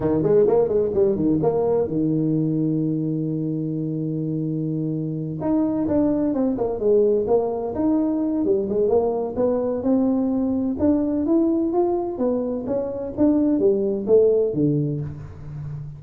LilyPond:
\new Staff \with { instrumentName = "tuba" } { \time 4/4 \tempo 4 = 128 dis8 gis8 ais8 gis8 g8 dis8 ais4 | dis1~ | dis2.~ dis8 dis'8~ | dis'8 d'4 c'8 ais8 gis4 ais8~ |
ais8 dis'4. g8 gis8 ais4 | b4 c'2 d'4 | e'4 f'4 b4 cis'4 | d'4 g4 a4 d4 | }